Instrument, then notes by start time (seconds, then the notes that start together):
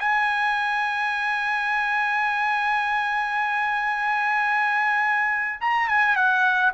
trumpet
0.00 G#5
5.61 A#5
5.89 G#5
6.16 F#5